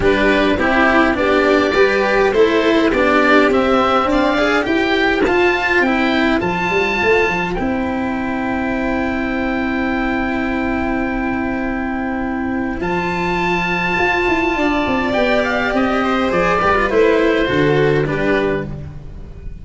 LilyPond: <<
  \new Staff \with { instrumentName = "oboe" } { \time 4/4 \tempo 4 = 103 b'4 g'4 d''2 | c''4 d''4 e''4 f''4 | g''4 a''4 g''4 a''4~ | a''4 g''2.~ |
g''1~ | g''2 a''2~ | a''2 g''8 f''8 dis''4 | d''4 c''2 b'4 | }
  \new Staff \with { instrumentName = "violin" } { \time 4/4 g'4 e'4 g'4 b'4 | a'4 g'2 d''4 | c''1~ | c''1~ |
c''1~ | c''1~ | c''4 d''2~ d''8 c''8~ | c''8 b'4. a'4 g'4 | }
  \new Staff \with { instrumentName = "cello" } { \time 4/4 d'4 e'4 d'4 g'4 | e'4 d'4 c'4. gis'8 | g'4 f'4 e'4 f'4~ | f'4 e'2.~ |
e'1~ | e'2 f'2~ | f'2 g'2 | gis'8 g'16 f'16 e'4 fis'4 d'4 | }
  \new Staff \with { instrumentName = "tuba" } { \time 4/4 g4 c'4 b4 g4 | a4 b4 c'4 d'4 | e'4 f'4 c'4 f8 g8 | a8 f8 c'2.~ |
c'1~ | c'2 f2 | f'8 e'8 d'8 c'8 b4 c'4 | f8 g8 a4 d4 g4 | }
>>